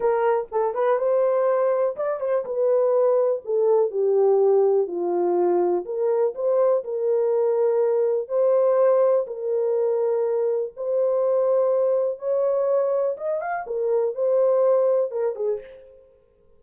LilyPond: \new Staff \with { instrumentName = "horn" } { \time 4/4 \tempo 4 = 123 ais'4 a'8 b'8 c''2 | d''8 c''8 b'2 a'4 | g'2 f'2 | ais'4 c''4 ais'2~ |
ais'4 c''2 ais'4~ | ais'2 c''2~ | c''4 cis''2 dis''8 f''8 | ais'4 c''2 ais'8 gis'8 | }